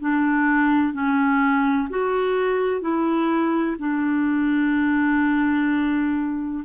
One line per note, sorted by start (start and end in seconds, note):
0.00 0.94 D4
0.94 1.89 C#4
1.90 2.81 F#4
2.81 3.77 E4
3.79 6.65 D4